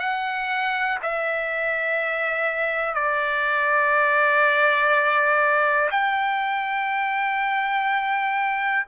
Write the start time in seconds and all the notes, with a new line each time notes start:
0.00 F#5
1.03 E5
2.95 D5
5.91 G5